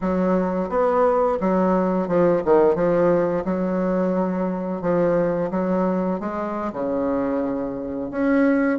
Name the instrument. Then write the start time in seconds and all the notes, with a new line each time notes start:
bassoon
0.01 F#3
0.69 B3
1.40 F#3
2.08 F3
2.45 D#3
2.75 F3
3.45 F#3
4.81 F3
5.50 F#3
6.20 G#3
6.72 C#3
8.10 C#4